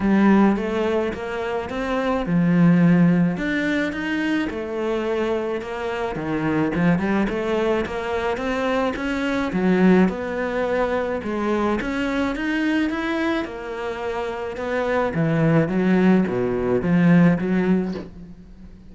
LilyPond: \new Staff \with { instrumentName = "cello" } { \time 4/4 \tempo 4 = 107 g4 a4 ais4 c'4 | f2 d'4 dis'4 | a2 ais4 dis4 | f8 g8 a4 ais4 c'4 |
cis'4 fis4 b2 | gis4 cis'4 dis'4 e'4 | ais2 b4 e4 | fis4 b,4 f4 fis4 | }